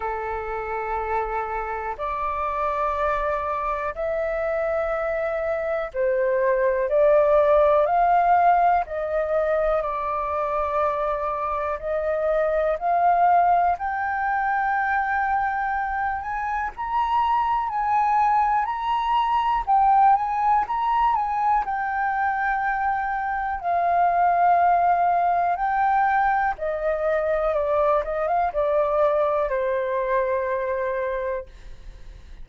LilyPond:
\new Staff \with { instrumentName = "flute" } { \time 4/4 \tempo 4 = 61 a'2 d''2 | e''2 c''4 d''4 | f''4 dis''4 d''2 | dis''4 f''4 g''2~ |
g''8 gis''8 ais''4 gis''4 ais''4 | g''8 gis''8 ais''8 gis''8 g''2 | f''2 g''4 dis''4 | d''8 dis''16 f''16 d''4 c''2 | }